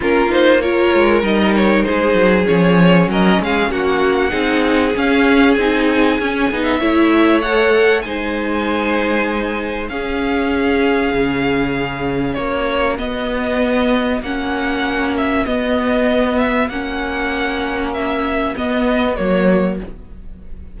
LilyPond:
<<
  \new Staff \with { instrumentName = "violin" } { \time 4/4 \tempo 4 = 97 ais'8 c''8 cis''4 dis''8 cis''8 c''4 | cis''4 dis''8 f''8 fis''2 | f''4 gis''4.~ gis''16 e''4~ e''16 | fis''4 gis''2. |
f''1 | cis''4 dis''2 fis''4~ | fis''8 e''8 dis''4. e''8 fis''4~ | fis''4 e''4 dis''4 cis''4 | }
  \new Staff \with { instrumentName = "violin" } { \time 4/4 f'4 ais'2 gis'4~ | gis'4 ais'8 gis'8 fis'4 gis'4~ | gis'2. cis''4~ | cis''4 c''2. |
gis'1 | fis'1~ | fis'1~ | fis'1 | }
  \new Staff \with { instrumentName = "viola" } { \time 4/4 cis'8 dis'8 f'4 dis'2 | cis'2. dis'4 | cis'4 dis'4 cis'8 dis'8 e'4 | a'4 dis'2. |
cis'1~ | cis'4 b2 cis'4~ | cis'4 b2 cis'4~ | cis'2 b4 ais4 | }
  \new Staff \with { instrumentName = "cello" } { \time 4/4 ais4. gis8 g4 gis8 fis8 | f4 fis8 gis8 ais4 c'4 | cis'4 c'4 cis'8 b8 a4~ | a4 gis2. |
cis'2 cis2 | ais4 b2 ais4~ | ais4 b2 ais4~ | ais2 b4 fis4 | }
>>